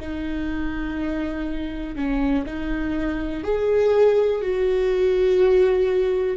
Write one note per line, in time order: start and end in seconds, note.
0.00 1.95 D#4
1.95 2.45 C#4
2.45 3.43 D#4
3.43 4.41 G#4
4.41 6.37 F#4